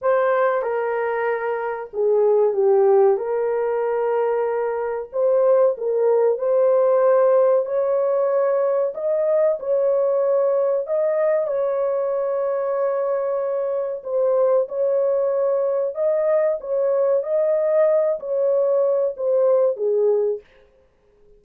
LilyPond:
\new Staff \with { instrumentName = "horn" } { \time 4/4 \tempo 4 = 94 c''4 ais'2 gis'4 | g'4 ais'2. | c''4 ais'4 c''2 | cis''2 dis''4 cis''4~ |
cis''4 dis''4 cis''2~ | cis''2 c''4 cis''4~ | cis''4 dis''4 cis''4 dis''4~ | dis''8 cis''4. c''4 gis'4 | }